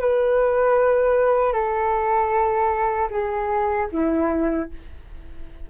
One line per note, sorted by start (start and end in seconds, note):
0.00 1.53 B4
1.53 3.09 A4
3.10 3.88 G#4
3.92 4.70 E4